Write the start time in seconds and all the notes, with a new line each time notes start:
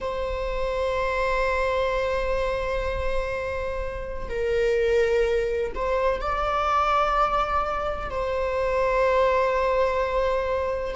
0.00 C5
4.29 A#4
5.74 C5
6.21 D5
8.10 C5